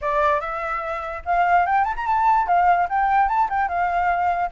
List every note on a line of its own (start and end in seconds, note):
0.01 0.40 D5
0.40 1.22 E5
1.25 1.66 F5
1.66 1.84 G5
1.84 1.94 A5
1.96 2.06 A#5
2.06 2.47 A5
2.47 2.88 F5
2.89 3.28 G5
3.28 3.49 A5
3.49 3.68 G5
3.68 4.50 F5